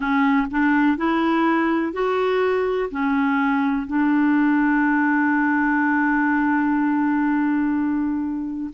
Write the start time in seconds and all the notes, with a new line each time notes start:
0.00 C#4
0.51 D4
0.97 E4
1.93 F#4
2.90 C#4
3.86 D4